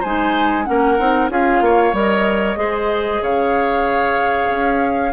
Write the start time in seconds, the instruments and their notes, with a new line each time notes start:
0.00 bassoon G#3, clarinet D#4, oboe C5, flute G#5
0.65 bassoon A#3, clarinet C#4, oboe A#4, flute F#5
0.99 bassoon C4, clarinet D#4
1.29 bassoon C#4, clarinet F4, oboe G#4, flute F5
1.61 bassoon A#3, oboe C#5
1.93 bassoon G3, clarinet A#4, flute D#5
2.56 bassoon G#3, clarinet G#4, oboe C5
3.22 bassoon C#3, oboe C#5, flute F5
4.50 bassoon C#4